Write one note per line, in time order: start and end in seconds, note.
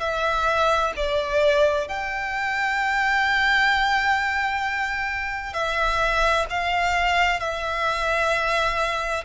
0.00 0.92 E5
0.96 1.88 D5
1.88 5.53 G5
5.53 6.45 E5
6.50 7.39 F5
7.39 9.24 E5